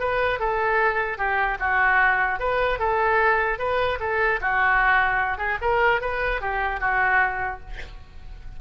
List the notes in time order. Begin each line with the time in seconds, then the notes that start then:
0.00 B4
0.40 A4
1.18 G4
1.60 F#4
2.40 B4
2.79 A4
3.59 B4
4.00 A4
4.41 F#4
5.38 G#4
5.62 A#4
6.01 B4
6.41 G4
6.81 F#4